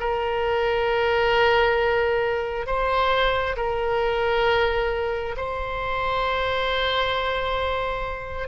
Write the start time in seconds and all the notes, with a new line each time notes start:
0.00 A#4
2.66 C5
3.57 A#4
5.37 C5